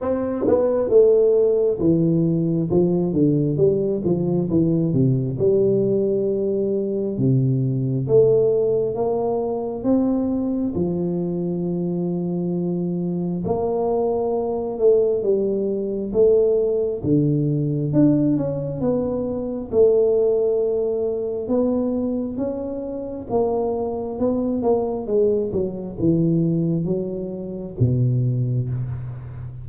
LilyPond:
\new Staff \with { instrumentName = "tuba" } { \time 4/4 \tempo 4 = 67 c'8 b8 a4 e4 f8 d8 | g8 f8 e8 c8 g2 | c4 a4 ais4 c'4 | f2. ais4~ |
ais8 a8 g4 a4 d4 | d'8 cis'8 b4 a2 | b4 cis'4 ais4 b8 ais8 | gis8 fis8 e4 fis4 b,4 | }